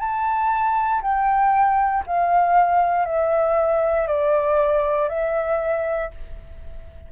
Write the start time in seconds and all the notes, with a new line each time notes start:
0.00 A5
1.03 G5
2.07 F5
3.06 E5
4.08 D5
5.09 E5